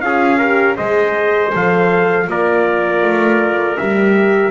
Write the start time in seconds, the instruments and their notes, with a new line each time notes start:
0.00 double bass C#4, horn F4, trumpet G#4 F5
0.38 horn G4, trumpet A#4
0.75 double bass G#3, horn G#4, trumpet C5 D#5
1.53 double bass F3, horn A4, trumpet F5
2.27 double bass A#3, horn F4, trumpet A#4 D5
3.02 double bass A3
3.77 double bass G3, horn G4, trumpet E5